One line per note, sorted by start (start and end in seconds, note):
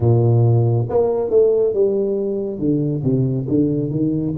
0.00 0.87 A#2
0.89 1.30 A#3
1.30 1.73 A3
1.73 2.58 G3
2.58 3.02 D3
3.03 3.47 C3
3.48 3.91 D3
3.91 4.34 D#3